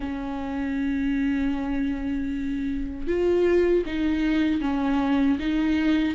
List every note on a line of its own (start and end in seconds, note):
0.00 3.07 C#4
3.07 3.84 F4
3.86 4.61 D#4
4.61 5.38 C#4
5.39 6.15 D#4